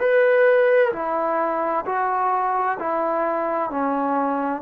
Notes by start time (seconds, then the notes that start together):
0.00 B4
0.93 E4
1.86 F#4
2.80 E4
3.71 C#4